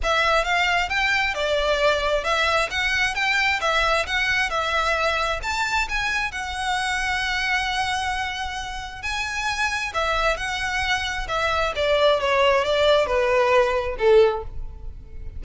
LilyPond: \new Staff \with { instrumentName = "violin" } { \time 4/4 \tempo 4 = 133 e''4 f''4 g''4 d''4~ | d''4 e''4 fis''4 g''4 | e''4 fis''4 e''2 | a''4 gis''4 fis''2~ |
fis''1 | gis''2 e''4 fis''4~ | fis''4 e''4 d''4 cis''4 | d''4 b'2 a'4 | }